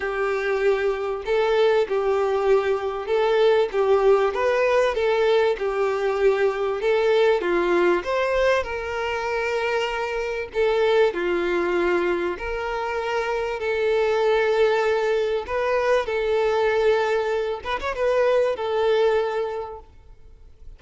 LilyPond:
\new Staff \with { instrumentName = "violin" } { \time 4/4 \tempo 4 = 97 g'2 a'4 g'4~ | g'4 a'4 g'4 b'4 | a'4 g'2 a'4 | f'4 c''4 ais'2~ |
ais'4 a'4 f'2 | ais'2 a'2~ | a'4 b'4 a'2~ | a'8 b'16 cis''16 b'4 a'2 | }